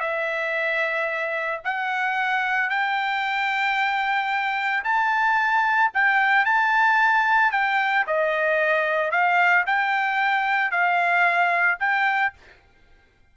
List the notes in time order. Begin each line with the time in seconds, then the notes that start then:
0.00 E5
1.64 F#5
2.69 G5
4.84 A5
5.94 G5
6.45 A5
7.52 G5
8.07 D#5
9.11 F5
9.66 G5
10.71 F5
11.79 G5